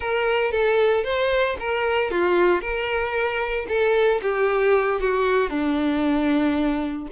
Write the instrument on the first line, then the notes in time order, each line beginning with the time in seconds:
violin
0.00 A#4
0.51 A4
1.04 C5
1.59 A#4
2.11 F4
2.61 A#4
3.68 A4
4.22 G4
5.00 F#4
5.49 D4